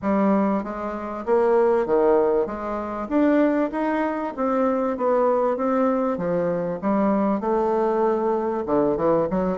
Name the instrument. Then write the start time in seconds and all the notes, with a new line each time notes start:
bassoon
0.02 G3
0.63 G#3
1.25 A#3
1.86 D#3
2.46 G#3
3.08 D4
3.71 D#4
4.36 C4
4.97 B3
5.57 C4
6.17 F3
6.81 G3
7.40 A3
8.66 D3
8.96 E3
9.30 F#3